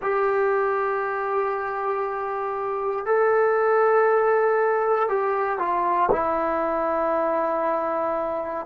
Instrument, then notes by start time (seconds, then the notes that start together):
trombone
0.01 G4
3.05 A4
5.08 G4
5.58 F4
6.11 E4